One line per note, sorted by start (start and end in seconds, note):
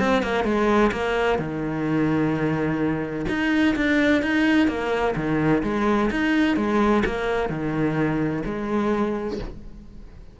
0.00 0.23 C4
0.23 0.44 A#3
0.44 0.91 G#3
0.92 1.38 A#3
1.38 3.26 D#3
3.29 3.75 D#4
3.76 4.23 D4
4.23 4.68 D#4
4.68 5.15 A#3
5.16 5.62 D#3
5.63 6.10 G#3
6.11 6.57 D#4
6.57 7.04 G#3
7.05 7.49 A#3
7.49 8.43 D#3
8.45 9.39 G#3